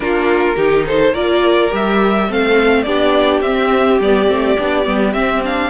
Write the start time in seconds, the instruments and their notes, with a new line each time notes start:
0.00 cello A#3, viola D4, violin F4 A#4
0.56 cello D#3, viola D#4, violin G4
0.86 violin A4 C5
1.13 cello A#3, viola F4, violin A#4 D5
1.70 cello G3, viola G4, violin E5
2.28 cello A3, viola C4, violin A4 F5
2.82 cello B3, viola D4, violin G4 D5
3.41 cello C4, viola C4, violin E5
4.00 cello G3, viola B3, violin D5
4.26 cello A3, viola C4
4.58 cello B3, viola D4
4.84 cello G3, viola B3
5.13 viola C4, cello C4, violin E5
5.44 viola D4, violin F5